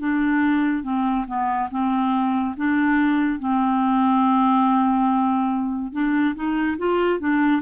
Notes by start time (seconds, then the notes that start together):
0.00 D4
0.84 C4
1.27 B3
1.71 C4
2.57 D4
3.40 C4
5.93 D4
6.35 D#4
6.78 F4
7.20 D4